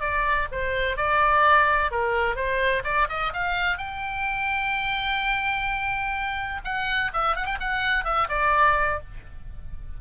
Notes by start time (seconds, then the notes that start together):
0.00 D5
0.51 C5
0.97 D5
1.91 A#4
2.35 C5
2.84 D5
3.09 D#5
3.33 F5
3.78 G5
6.64 F#5
7.13 E5
7.36 F#5
7.46 G5
7.60 F#5
8.04 E5
8.28 D5